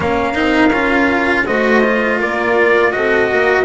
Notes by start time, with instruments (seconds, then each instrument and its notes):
0.00 double bass A#3, cello C#4, horn A#4, trumpet F5
0.34 double bass C4, cello D#4
0.71 double bass C#4, cello F4
1.45 double bass A3, cello F#4, horn C5, trumpet D#5
1.83 cello F4
2.20 double bass A#3, horn A#4, trumpet D5
2.91 double bass C4, cello F#4, horn A4, trumpet D#5
3.30 double bass A#3, horn A#4